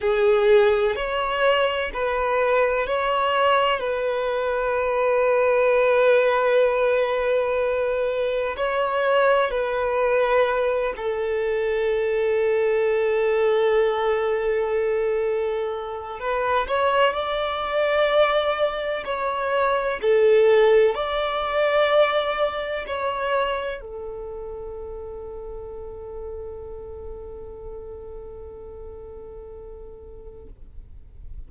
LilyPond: \new Staff \with { instrumentName = "violin" } { \time 4/4 \tempo 4 = 63 gis'4 cis''4 b'4 cis''4 | b'1~ | b'4 cis''4 b'4. a'8~ | a'1~ |
a'4 b'8 cis''8 d''2 | cis''4 a'4 d''2 | cis''4 a'2.~ | a'1 | }